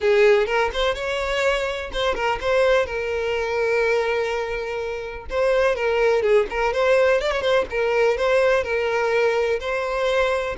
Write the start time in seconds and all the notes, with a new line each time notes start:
0.00 G#4
0.46 A#4
0.73 C5
0.94 C#5
1.92 C5
2.14 A#4
2.40 C5
2.85 A#4
5.29 C5
5.75 A#4
6.22 G#4
6.50 A#4
6.73 C5
7.21 D5
7.31 C#5
7.41 C5
7.70 A#4
8.17 C5
8.63 A#4
9.60 C5